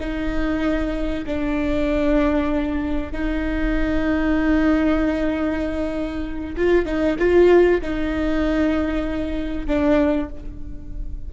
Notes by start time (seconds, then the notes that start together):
0.00 D#4
1.26 D4
3.12 D#4
6.57 F4
6.86 D#4
7.19 F4
7.82 D#4
9.67 D4